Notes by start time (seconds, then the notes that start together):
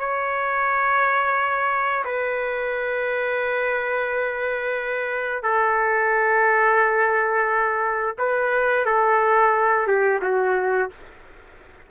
0.00 C#5
2.05 B4
5.43 A4
8.19 B4
8.86 A4
9.87 G4
10.22 F#4